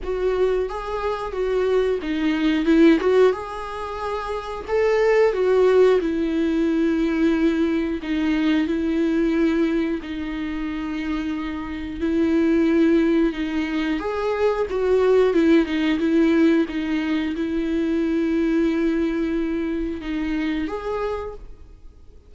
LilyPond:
\new Staff \with { instrumentName = "viola" } { \time 4/4 \tempo 4 = 90 fis'4 gis'4 fis'4 dis'4 | e'8 fis'8 gis'2 a'4 | fis'4 e'2. | dis'4 e'2 dis'4~ |
dis'2 e'2 | dis'4 gis'4 fis'4 e'8 dis'8 | e'4 dis'4 e'2~ | e'2 dis'4 gis'4 | }